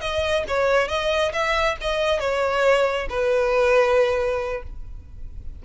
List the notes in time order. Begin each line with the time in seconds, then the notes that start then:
0.00 D#5
0.48 C#5
0.88 D#5
1.32 E5
1.81 D#5
2.20 C#5
3.09 B4